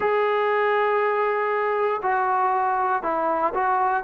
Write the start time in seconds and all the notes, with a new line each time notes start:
0.00 G#4
2.02 F#4
3.02 E4
3.54 F#4